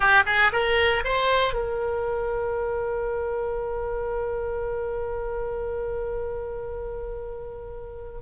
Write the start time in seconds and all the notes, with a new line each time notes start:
0.00 G4
0.26 G#4
0.52 A#4
1.04 C5
1.53 A#4